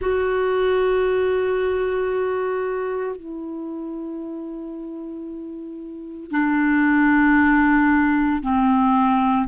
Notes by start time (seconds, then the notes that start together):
0.01 F#4
3.16 E4
6.31 D4
8.42 C4